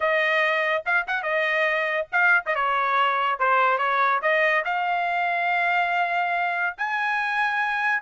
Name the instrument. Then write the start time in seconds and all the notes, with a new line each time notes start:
trumpet
0.00 D#5
0.85 F5
1.07 F#5
1.22 D#5
2.12 F5
2.46 D#5
2.55 C#5
3.39 C5
3.78 C#5
4.22 D#5
4.64 F5
6.77 G#5